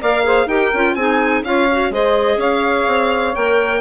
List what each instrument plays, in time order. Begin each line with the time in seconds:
0.00 bassoon A#3, clarinet A#4, saxophone D5, violin F5
0.23 clarinet G#4, saxophone C5
0.46 bassoon D#4, clarinet G4, saxophone A#4, violin G5
0.73 bassoon C#4, clarinet F4
0.95 bassoon C4, clarinet D#4, saxophone G#4, violin G#5
1.43 bassoon C#4, clarinet F4, saxophone C#5, violin F5
1.71 clarinet F#4
1.90 bassoon G#3, clarinet G#4, saxophone C5, violin D#5
2.37 bassoon C#4, saxophone C#5, violin F5
2.87 bassoon C4
3.34 bassoon A#3, clarinet A#4, violin G5